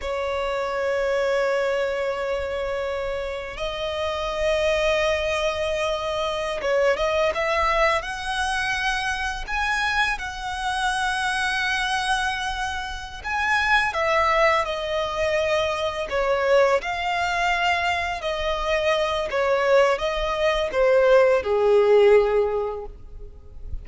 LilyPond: \new Staff \with { instrumentName = "violin" } { \time 4/4 \tempo 4 = 84 cis''1~ | cis''4 dis''2.~ | dis''4~ dis''16 cis''8 dis''8 e''4 fis''8.~ | fis''4~ fis''16 gis''4 fis''4.~ fis''16~ |
fis''2~ fis''8 gis''4 e''8~ | e''8 dis''2 cis''4 f''8~ | f''4. dis''4. cis''4 | dis''4 c''4 gis'2 | }